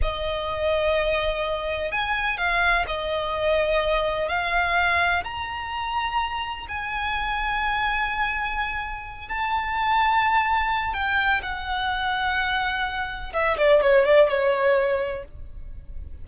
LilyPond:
\new Staff \with { instrumentName = "violin" } { \time 4/4 \tempo 4 = 126 dis''1 | gis''4 f''4 dis''2~ | dis''4 f''2 ais''4~ | ais''2 gis''2~ |
gis''2.~ gis''8 a''8~ | a''2. g''4 | fis''1 | e''8 d''8 cis''8 d''8 cis''2 | }